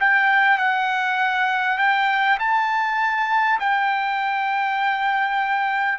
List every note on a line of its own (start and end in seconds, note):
0.00 0.58 G5
0.58 1.78 F#5
1.78 2.38 G5
2.39 3.59 A5
3.59 5.98 G5